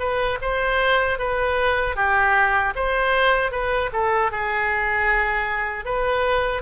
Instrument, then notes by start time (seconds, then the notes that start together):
oboe
0.00 B4
0.42 C5
1.19 B4
1.96 G4
2.76 C5
3.52 B4
3.93 A4
4.32 G#4
5.85 B4